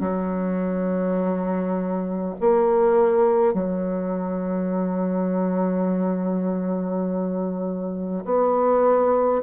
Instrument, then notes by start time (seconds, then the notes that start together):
bassoon
0.00 F#3
2.40 A#3
3.53 F#3
8.25 B3